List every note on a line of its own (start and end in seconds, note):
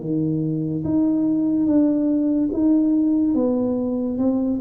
0.00 0.83 D#3
0.84 1.66 D#4
1.66 2.49 D4
2.52 3.34 D#4
3.34 4.17 B3
4.17 4.59 C4